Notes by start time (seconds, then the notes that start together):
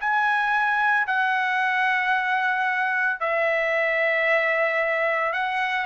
0.00 G#5
1.07 F#5
3.19 E5
5.33 F#5